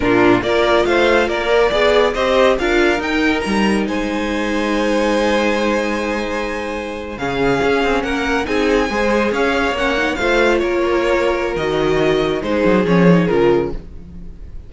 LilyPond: <<
  \new Staff \with { instrumentName = "violin" } { \time 4/4 \tempo 4 = 140 ais'4 d''4 f''4 d''4~ | d''4 dis''4 f''4 g''4 | ais''4 gis''2.~ | gis''1~ |
gis''8. f''2 fis''4 gis''16~ | gis''4.~ gis''16 f''4 fis''4 f''16~ | f''8. cis''2~ cis''16 dis''4~ | dis''4 c''4 cis''4 ais'4 | }
  \new Staff \with { instrumentName = "violin" } { \time 4/4 f'4 ais'4 c''4 ais'4 | d''4 c''4 ais'2~ | ais'4 c''2.~ | c''1~ |
c''8. gis'2 ais'4 gis'16~ | gis'8. c''4 cis''2 c''16~ | c''8. ais'2.~ ais'16~ | ais'4 gis'2. | }
  \new Staff \with { instrumentName = "viola" } { \time 4/4 d'4 f'2~ f'8 ais'8 | gis'4 g'4 f'4 dis'4~ | dis'1~ | dis'1~ |
dis'8. cis'2. dis'16~ | dis'8. gis'2 cis'8 dis'8 f'16~ | f'2. fis'4~ | fis'4 dis'4 cis'8 dis'8 f'4 | }
  \new Staff \with { instrumentName = "cello" } { \time 4/4 ais,4 ais4 a4 ais4 | b4 c'4 d'4 dis'4 | g4 gis2.~ | gis1~ |
gis8. cis4 cis'8 c'8 ais4 c'16~ | c'8. gis4 cis'4 ais4 a16~ | a8. ais2~ ais16 dis4~ | dis4 gis8 fis8 f4 cis4 | }
>>